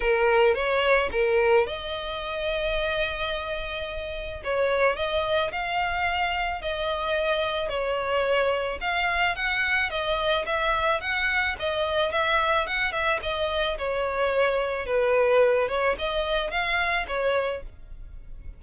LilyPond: \new Staff \with { instrumentName = "violin" } { \time 4/4 \tempo 4 = 109 ais'4 cis''4 ais'4 dis''4~ | dis''1 | cis''4 dis''4 f''2 | dis''2 cis''2 |
f''4 fis''4 dis''4 e''4 | fis''4 dis''4 e''4 fis''8 e''8 | dis''4 cis''2 b'4~ | b'8 cis''8 dis''4 f''4 cis''4 | }